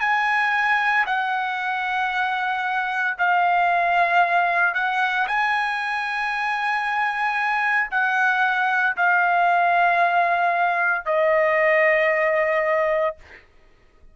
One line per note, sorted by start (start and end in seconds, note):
0.00 1.05 G#5
1.06 3.17 F#5
3.18 4.74 F5
4.74 5.27 F#5
5.27 7.90 G#5
7.91 8.96 F#5
8.97 11.05 F5
11.05 13.16 D#5